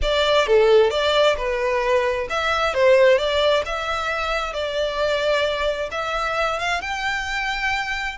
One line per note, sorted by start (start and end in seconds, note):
0.02 0.46 D5
0.46 0.90 A4
0.90 1.36 D5
1.37 2.27 B4
2.29 2.74 E5
2.74 3.17 C5
3.17 3.63 D5
3.65 4.53 E5
4.53 5.89 D5
5.91 6.59 E5
6.59 6.81 F5
6.81 8.17 G5